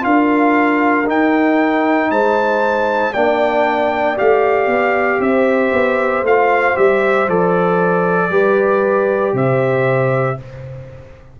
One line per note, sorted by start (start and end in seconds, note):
0.00 1.07 D4
0.00 1.03 F4
0.00 2.11 A#4
0.00 1.07 F5
1.06 3.13 D#4
1.06 2.10 D#4
1.06 2.11 G5
2.10 3.13 G#3
2.10 3.12 C5
2.10 3.13 A5
3.12 4.18 A#3
3.12 4.16 D4
3.12 5.19 D5
3.12 4.16 G5
4.16 4.66 A3
4.16 6.23 G4
4.16 5.21 F5
4.66 5.18 B3
5.19 5.71 C4
5.19 8.30 C5
5.19 6.24 E5
5.72 6.22 B3
6.22 6.74 A3
6.22 6.75 F4
6.22 6.77 F5
6.75 7.28 G3
6.75 7.27 G4
6.75 7.28 E5
7.28 8.30 F3
7.28 8.30 A4
7.28 9.36 D5
8.30 9.33 G3
8.30 10.37 G4
8.30 9.34 B4
9.33 10.36 C3
9.33 10.38 C5
9.33 10.39 E5